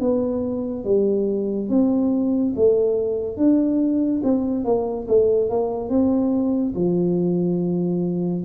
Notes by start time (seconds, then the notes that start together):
0.00 B3
0.85 G3
1.69 C4
2.56 A3
3.37 D4
4.24 C4
4.64 A#3
5.08 A3
5.50 A#3
5.89 C4
6.75 F3